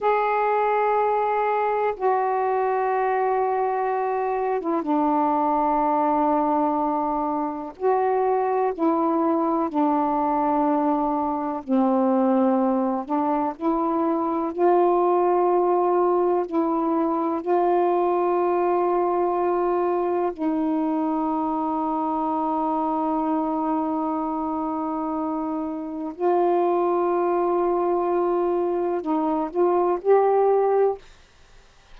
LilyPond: \new Staff \with { instrumentName = "saxophone" } { \time 4/4 \tempo 4 = 62 gis'2 fis'2~ | fis'8. e'16 d'2. | fis'4 e'4 d'2 | c'4. d'8 e'4 f'4~ |
f'4 e'4 f'2~ | f'4 dis'2.~ | dis'2. f'4~ | f'2 dis'8 f'8 g'4 | }